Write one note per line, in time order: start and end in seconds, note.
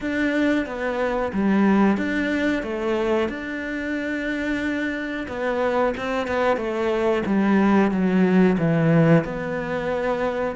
0.00 0.66 D4
0.66 1.32 B3
1.33 1.97 G3
1.97 2.63 D4
2.63 3.28 A3
3.28 5.26 D4
5.28 5.94 B3
5.97 6.27 C4
6.27 6.57 B3
6.57 7.23 A3
7.25 7.91 G3
7.91 8.57 F#3
8.58 9.24 E3
9.24 10.56 B3